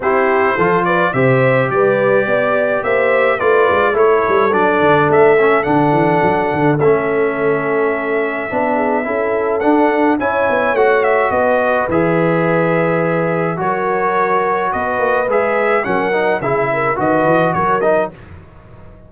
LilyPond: <<
  \new Staff \with { instrumentName = "trumpet" } { \time 4/4 \tempo 4 = 106 c''4. d''8 e''4 d''4~ | d''4 e''4 d''4 cis''4 | d''4 e''4 fis''2 | e''1~ |
e''4 fis''4 gis''4 fis''8 e''8 | dis''4 e''2. | cis''2 dis''4 e''4 | fis''4 e''4 dis''4 cis''8 dis''8 | }
  \new Staff \with { instrumentName = "horn" } { \time 4/4 g'4 a'8 b'8 c''4 b'4 | d''4 c''4 b'4 a'4~ | a'1~ | a'2.~ a'8 gis'8 |
a'2 cis''2 | b'1 | ais'2 b'2 | ais'4 gis'8 ais'8 b'4 ais'4 | }
  \new Staff \with { instrumentName = "trombone" } { \time 4/4 e'4 f'4 g'2~ | g'2 f'4 e'4 | d'4. cis'8 d'2 | cis'2. d'4 |
e'4 d'4 e'4 fis'4~ | fis'4 gis'2. | fis'2. gis'4 | cis'8 dis'8 e'4 fis'4. dis'8 | }
  \new Staff \with { instrumentName = "tuba" } { \time 4/4 c'4 f4 c4 g4 | b4 ais4 a8 gis8 a8 g8 | fis8 d8 a4 d8 e8 fis8 d8 | a2. b4 |
cis'4 d'4 cis'8 b8 a4 | b4 e2. | fis2 b8 ais8 gis4 | fis4 cis4 dis8 e8 fis4 | }
>>